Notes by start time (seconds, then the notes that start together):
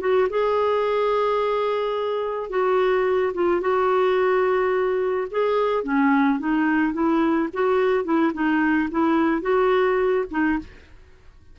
0.00 F#4
0.30 G#4
2.49 F#4
3.34 F4
3.61 F#4
5.31 G#4
5.84 C#4
6.39 D#4
6.93 E4
7.53 F#4
8.04 E4
8.34 D#4
8.91 E4
9.42 F#4
10.31 D#4